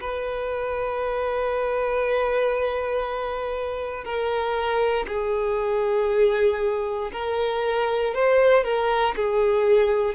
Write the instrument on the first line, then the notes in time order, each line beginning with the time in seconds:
violin
0.00 B4
4.04 A#4
5.07 G#4
7.12 A#4
8.14 C5
8.63 A#4
9.16 G#4